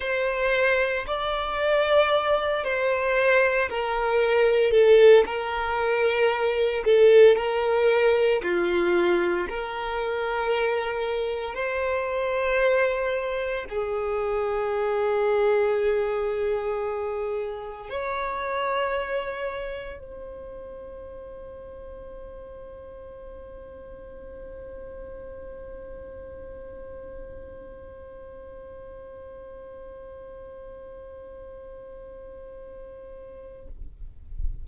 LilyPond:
\new Staff \with { instrumentName = "violin" } { \time 4/4 \tempo 4 = 57 c''4 d''4. c''4 ais'8~ | ais'8 a'8 ais'4. a'8 ais'4 | f'4 ais'2 c''4~ | c''4 gis'2.~ |
gis'4 cis''2 c''4~ | c''1~ | c''1~ | c''1 | }